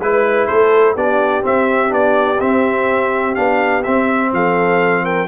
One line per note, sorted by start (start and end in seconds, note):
0.00 0.48 G#3
0.00 0.97 E4
0.00 0.47 B4
0.00 0.48 B4
0.47 0.96 A3
0.47 0.95 A4
0.47 0.95 C5
0.95 1.44 B3
0.95 1.42 D4
0.95 4.31 G4
0.95 1.45 D5
1.42 1.89 C4
1.42 1.92 C4
1.42 1.93 E5
1.89 2.40 B3
1.89 2.37 D4
1.89 2.40 D5
2.40 3.35 C4
2.40 3.37 C4
2.40 3.35 E5
3.35 3.86 B3
3.35 3.83 D4
3.35 3.83 F5
3.83 5.28 C4
3.83 4.33 C4
3.83 4.31 E5
4.33 5.28 F3
4.33 5.04 A4
4.33 5.05 F5
5.04 5.28 A#4
5.04 5.28 G5